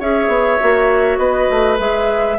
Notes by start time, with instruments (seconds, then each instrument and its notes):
0.00 bassoon C#4, clarinet G#4, oboe C#5, flute E5
0.28 bassoon B3
0.60 bassoon A#3, clarinet F#4
1.18 bassoon B3, oboe B4, flute D#5
1.50 bassoon A3
1.78 bassoon G#3, clarinet G#4, flute E5